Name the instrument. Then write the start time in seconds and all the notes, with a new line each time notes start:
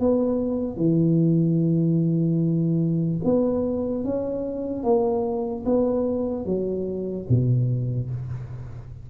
tuba
0.00 B3
0.77 E3
3.24 B3
4.04 C#4
4.84 A#3
5.66 B3
6.46 F#3
7.29 B2